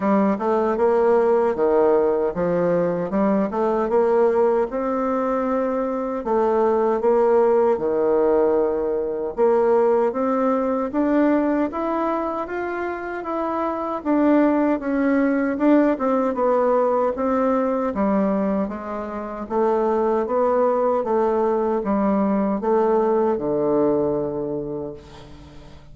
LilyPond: \new Staff \with { instrumentName = "bassoon" } { \time 4/4 \tempo 4 = 77 g8 a8 ais4 dis4 f4 | g8 a8 ais4 c'2 | a4 ais4 dis2 | ais4 c'4 d'4 e'4 |
f'4 e'4 d'4 cis'4 | d'8 c'8 b4 c'4 g4 | gis4 a4 b4 a4 | g4 a4 d2 | }